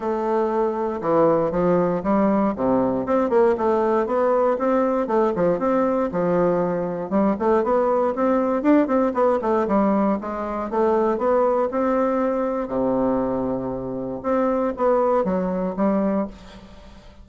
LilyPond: \new Staff \with { instrumentName = "bassoon" } { \time 4/4 \tempo 4 = 118 a2 e4 f4 | g4 c4 c'8 ais8 a4 | b4 c'4 a8 f8 c'4 | f2 g8 a8 b4 |
c'4 d'8 c'8 b8 a8 g4 | gis4 a4 b4 c'4~ | c'4 c2. | c'4 b4 fis4 g4 | }